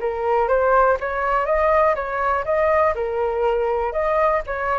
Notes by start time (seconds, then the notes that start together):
0.00 A#4
0.48 C5
1.00 C#5
1.46 D#5
1.95 C#5
2.45 D#5
2.95 A#4
3.93 D#5
4.46 C#5